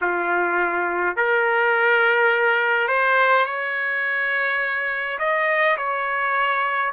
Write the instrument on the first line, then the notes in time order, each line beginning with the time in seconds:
trumpet
0.01 F4
1.16 A#4
2.87 C5
3.45 C#5
5.19 D#5
5.77 C#5